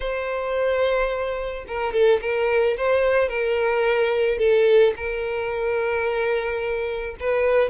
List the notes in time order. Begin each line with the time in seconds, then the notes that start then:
0.00 C5
1.67 A#4
1.93 A4
2.21 A#4
2.77 C5
3.29 A#4
4.38 A4
4.96 A#4
7.20 B4